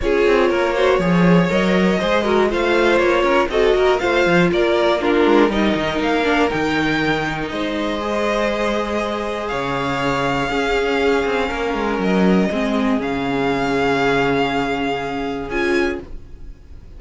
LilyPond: <<
  \new Staff \with { instrumentName = "violin" } { \time 4/4 \tempo 4 = 120 cis''2. dis''4~ | dis''4 f''4 cis''4 dis''4 | f''4 d''4 ais'4 dis''4 | f''4 g''2 dis''4~ |
dis''2. f''4~ | f''1 | dis''2 f''2~ | f''2. gis''4 | }
  \new Staff \with { instrumentName = "violin" } { \time 4/4 gis'4 ais'8 c''8 cis''2 | c''8 ais'8 c''4. ais'8 a'8 ais'8 | c''4 ais'4 f'4 ais'4~ | ais'2. c''4~ |
c''2. cis''4~ | cis''4 gis'2 ais'4~ | ais'4 gis'2.~ | gis'1 | }
  \new Staff \with { instrumentName = "viola" } { \time 4/4 f'4. fis'8 gis'4 ais'4 | gis'8 fis'8 f'2 fis'4 | f'2 d'4 dis'4~ | dis'8 d'8 dis'2. |
gis'1~ | gis'4 cis'2.~ | cis'4 c'4 cis'2~ | cis'2. f'4 | }
  \new Staff \with { instrumentName = "cello" } { \time 4/4 cis'8 c'8 ais4 f4 fis4 | gis4 a4 ais8 cis'8 c'8 ais8 | a8 f8 ais4. gis8 g8 dis8 | ais4 dis2 gis4~ |
gis2. cis4~ | cis4 cis'4. c'8 ais8 gis8 | fis4 gis4 cis2~ | cis2. cis'4 | }
>>